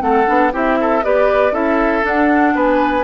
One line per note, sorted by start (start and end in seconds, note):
0.00 0.27 A3
0.00 0.25 C4
0.00 0.53 A4
0.00 0.52 F#5
0.26 0.53 B3
0.26 0.51 D4
0.52 1.03 C4
0.52 1.02 E4
0.52 0.78 G4
0.52 1.04 E5
0.81 1.04 A4
1.03 1.52 B3
1.03 1.52 G4
1.03 1.53 B4
1.03 1.54 D5
1.52 2.02 C#4
1.52 2.02 E4
1.52 2.54 A4
1.52 2.05 E5
2.02 3.03 D4
2.02 2.55 D4
2.02 2.57 F#5
2.55 3.04 B3
2.55 3.04 B4
2.55 3.04 G#5